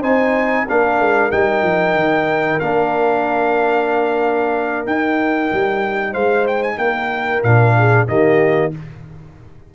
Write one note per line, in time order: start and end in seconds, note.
0.00 0.66 C4
0.00 0.67 D#4
0.00 0.65 C5
0.00 0.67 G#5
0.65 1.00 A#3
0.65 1.31 D4
0.65 6.12 A#4
0.65 1.31 F5
1.00 1.32 G#3
1.31 1.62 G3
1.31 2.60 D#4
1.31 2.60 G5
1.62 1.94 F3
1.94 2.59 D#3
2.60 4.86 A#3
2.60 4.86 D4
2.60 4.85 F5
4.86 5.51 D#4
4.86 7.44 D#4
4.86 6.14 G5
5.53 6.15 G3
6.12 6.78 G#3
6.12 6.77 C5
6.12 6.46 F5
6.47 6.63 G5
6.63 6.78 G#5
6.78 7.42 A#3
6.78 7.77 A#4
6.78 7.43 G5
7.43 8.08 A#2
7.43 8.07 D4
7.43 8.08 F5
7.77 8.09 G#4
8.07 8.73 D#3
8.07 8.72 A#3
8.07 8.75 G4
8.07 8.72 D#5